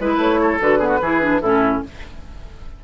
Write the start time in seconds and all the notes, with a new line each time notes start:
0.00 G#3 E4 B4
0.17 A3 C#5
0.42 A4
0.61 D3 F#4 B4
0.79 B3 G#4
0.88 F#4
1.02 E3 E4 G#4
1.21 D4
1.41 A2 C#4 E4 A4